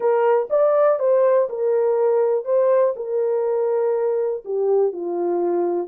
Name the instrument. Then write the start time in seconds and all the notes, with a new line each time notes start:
horn
0.00 A#4
0.50 D5
0.99 C5
1.49 A#4
2.45 C5
2.96 A#4
4.44 G4
4.92 F4